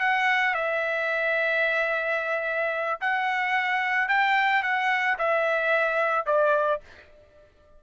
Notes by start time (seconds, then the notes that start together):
0.00 F#5
0.54 E5
3.01 F#5
4.09 G5
4.63 F#5
5.18 E5
6.26 D5